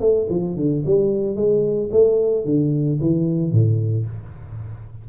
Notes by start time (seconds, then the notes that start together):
0.00 A3
0.29 F3
0.56 D3
0.86 G3
1.36 G#3
1.92 A3
2.45 D3
3.01 E3
3.52 A2